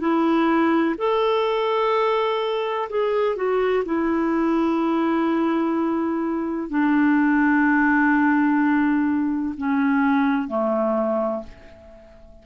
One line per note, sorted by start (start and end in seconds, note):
0.00 0.95 E4
0.98 2.89 A4
2.89 3.36 G#4
3.36 3.84 F#4
3.85 6.69 E4
6.69 9.55 D4
9.58 10.48 C#4
10.48 11.43 A3